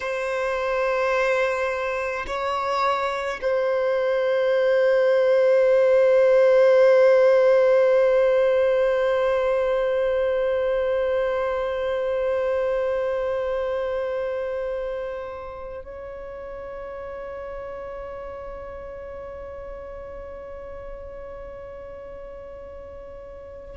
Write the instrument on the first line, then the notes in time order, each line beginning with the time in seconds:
violin
0.00 C5
2.26 C#5
3.41 C5
15.83 C#5